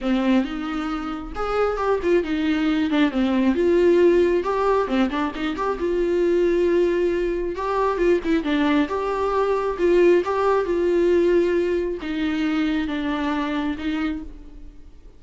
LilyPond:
\new Staff \with { instrumentName = "viola" } { \time 4/4 \tempo 4 = 135 c'4 dis'2 gis'4 | g'8 f'8 dis'4. d'8 c'4 | f'2 g'4 c'8 d'8 | dis'8 g'8 f'2.~ |
f'4 g'4 f'8 e'8 d'4 | g'2 f'4 g'4 | f'2. dis'4~ | dis'4 d'2 dis'4 | }